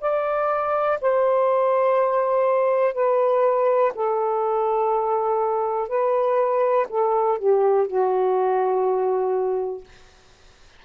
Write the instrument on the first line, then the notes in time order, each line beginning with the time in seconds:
saxophone
0.00 D5
1.01 C5
2.94 B4
3.94 A4
5.88 B4
6.89 A4
7.38 G4
7.87 F#4